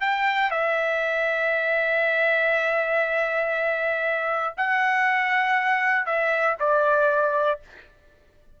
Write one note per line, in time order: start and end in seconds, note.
0.00 0.50 G5
0.50 4.54 E5
4.57 6.06 F#5
6.06 6.56 E5
6.59 7.60 D5